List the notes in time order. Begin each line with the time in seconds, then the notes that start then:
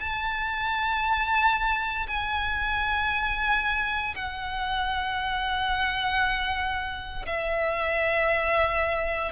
0.00 A5
2.07 G#5
4.15 F#5
7.26 E5